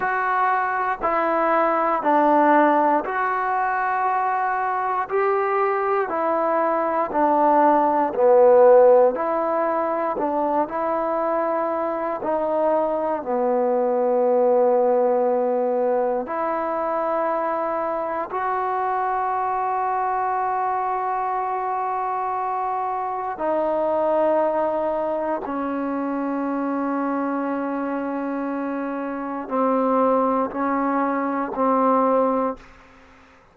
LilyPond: \new Staff \with { instrumentName = "trombone" } { \time 4/4 \tempo 4 = 59 fis'4 e'4 d'4 fis'4~ | fis'4 g'4 e'4 d'4 | b4 e'4 d'8 e'4. | dis'4 b2. |
e'2 fis'2~ | fis'2. dis'4~ | dis'4 cis'2.~ | cis'4 c'4 cis'4 c'4 | }